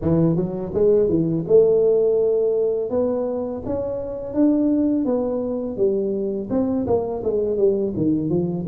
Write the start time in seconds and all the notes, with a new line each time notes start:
0.01 E3
0.35 F#3
0.74 G#3
1.08 E3
1.47 A3
2.90 B3
3.65 C#4
4.33 D4
5.05 B3
5.76 G3
6.50 C4
6.86 A#3
7.23 G#3
7.57 G3
7.96 D#3
8.29 F3